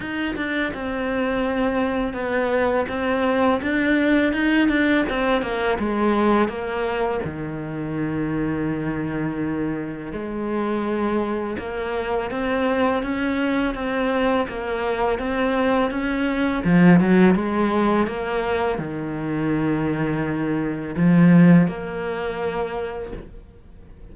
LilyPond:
\new Staff \with { instrumentName = "cello" } { \time 4/4 \tempo 4 = 83 dis'8 d'8 c'2 b4 | c'4 d'4 dis'8 d'8 c'8 ais8 | gis4 ais4 dis2~ | dis2 gis2 |
ais4 c'4 cis'4 c'4 | ais4 c'4 cis'4 f8 fis8 | gis4 ais4 dis2~ | dis4 f4 ais2 | }